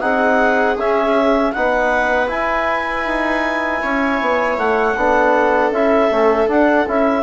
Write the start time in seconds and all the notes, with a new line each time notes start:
0.00 C4 D#4 G#4 F#5
0.77 C#4 E5
1.52 B3 D#4 B4 F#5
2.28 E4 G#5
3.06 D#4
3.82 C#4 C#5
4.21 B3
4.57 A3 F#5
4.96 B3 D4 A4
5.71 C#4 E4 E5
6.11 A3 C#4
6.47 D4 F#5
6.87 C#4 E4 E5